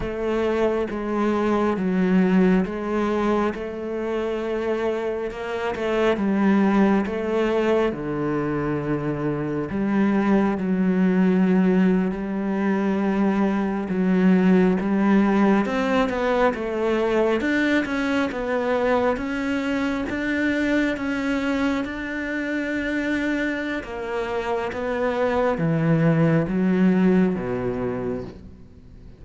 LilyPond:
\new Staff \with { instrumentName = "cello" } { \time 4/4 \tempo 4 = 68 a4 gis4 fis4 gis4 | a2 ais8 a8 g4 | a4 d2 g4 | fis4.~ fis16 g2 fis16~ |
fis8. g4 c'8 b8 a4 d'16~ | d'16 cis'8 b4 cis'4 d'4 cis'16~ | cis'8. d'2~ d'16 ais4 | b4 e4 fis4 b,4 | }